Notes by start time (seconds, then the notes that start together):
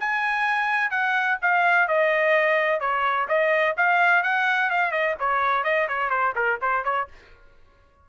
0.00 G#5
0.91 F#5
1.42 F5
1.88 D#5
2.81 C#5
3.29 D#5
3.77 F5
4.23 F#5
4.71 F5
4.92 D#5
5.20 C#5
5.64 D#5
5.89 C#5
6.10 C5
6.36 A#4
6.62 C5
6.85 C#5